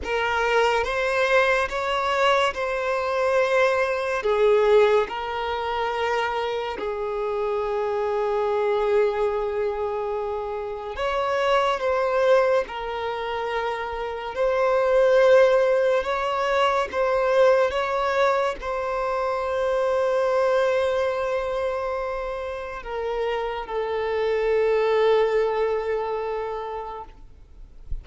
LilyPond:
\new Staff \with { instrumentName = "violin" } { \time 4/4 \tempo 4 = 71 ais'4 c''4 cis''4 c''4~ | c''4 gis'4 ais'2 | gis'1~ | gis'4 cis''4 c''4 ais'4~ |
ais'4 c''2 cis''4 | c''4 cis''4 c''2~ | c''2. ais'4 | a'1 | }